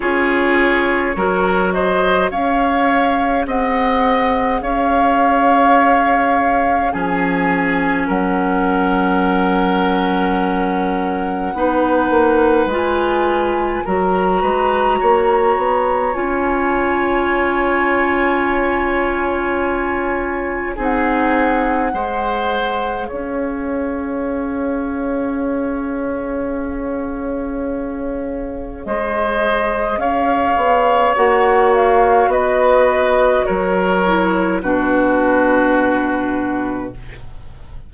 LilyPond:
<<
  \new Staff \with { instrumentName = "flute" } { \time 4/4 \tempo 4 = 52 cis''4. dis''8 f''4 fis''4 | f''2 gis''4 fis''4~ | fis''2. gis''4 | ais''2 gis''2~ |
gis''2 fis''2 | f''1~ | f''4 dis''4 f''4 fis''8 f''8 | dis''4 cis''4 b'2 | }
  \new Staff \with { instrumentName = "oboe" } { \time 4/4 gis'4 ais'8 c''8 cis''4 dis''4 | cis''2 gis'4 ais'4~ | ais'2 b'2 | ais'8 b'8 cis''2.~ |
cis''2 gis'4 c''4 | cis''1~ | cis''4 c''4 cis''2 | b'4 ais'4 fis'2 | }
  \new Staff \with { instrumentName = "clarinet" } { \time 4/4 f'4 fis'4 gis'2~ | gis'2 cis'2~ | cis'2 dis'4 f'4 | fis'2 f'2~ |
f'2 dis'4 gis'4~ | gis'1~ | gis'2. fis'4~ | fis'4. e'8 d'2 | }
  \new Staff \with { instrumentName = "bassoon" } { \time 4/4 cis'4 fis4 cis'4 c'4 | cis'2 f4 fis4~ | fis2 b8 ais8 gis4 | fis8 gis8 ais8 b8 cis'2~ |
cis'2 c'4 gis4 | cis'1~ | cis'4 gis4 cis'8 b8 ais4 | b4 fis4 b,2 | }
>>